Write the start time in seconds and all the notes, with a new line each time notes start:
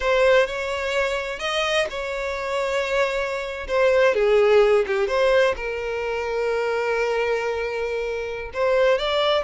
0.00 C5
0.46 C#5
1.39 D#5
1.90 C#5
3.67 C5
4.14 G#4
4.86 G4
5.07 C5
5.56 A#4
8.53 C5
8.98 D5